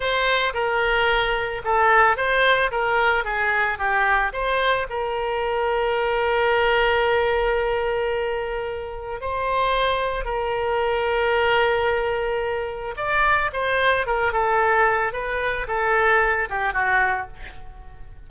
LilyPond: \new Staff \with { instrumentName = "oboe" } { \time 4/4 \tempo 4 = 111 c''4 ais'2 a'4 | c''4 ais'4 gis'4 g'4 | c''4 ais'2.~ | ais'1~ |
ais'4 c''2 ais'4~ | ais'1 | d''4 c''4 ais'8 a'4. | b'4 a'4. g'8 fis'4 | }